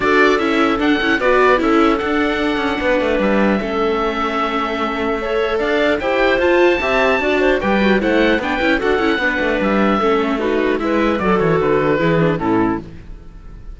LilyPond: <<
  \new Staff \with { instrumentName = "oboe" } { \time 4/4 \tempo 4 = 150 d''4 e''4 fis''4 d''4 | e''4 fis''2. | e''1~ | e''2 f''4 g''4 |
a''2. g''4 | fis''4 g''4 fis''2 | e''2 b'4 e''4 | d''8 cis''8 b'2 a'4 | }
  \new Staff \with { instrumentName = "clarinet" } { \time 4/4 a'2. b'4 | a'2. b'4~ | b'4 a'2.~ | a'4 cis''4 d''4 c''4~ |
c''4 e''4 d''8 c''8 b'4 | c''4 b'4 a'4 b'4~ | b'4 a'4 fis'4 b'4 | a'2 gis'4 e'4 | }
  \new Staff \with { instrumentName = "viola" } { \time 4/4 fis'4 e'4 d'8 e'8 fis'4 | e'4 d'2.~ | d'4 cis'2.~ | cis'4 a'2 g'4 |
f'4 g'4 fis'4 g'8 fis'8 | e'4 d'8 e'8 fis'8 e'8 d'4~ | d'4 cis'4 dis'4 e'4 | fis'2 e'8 d'8 cis'4 | }
  \new Staff \with { instrumentName = "cello" } { \time 4/4 d'4 cis'4 d'8 cis'8 b4 | cis'4 d'4. cis'8 b8 a8 | g4 a2.~ | a2 d'4 e'4 |
f'4 c'4 d'4 g4 | a4 b8 cis'8 d'8 cis'8 b8 a8 | g4 a2 gis4 | fis8 e8 d4 e4 a,4 | }
>>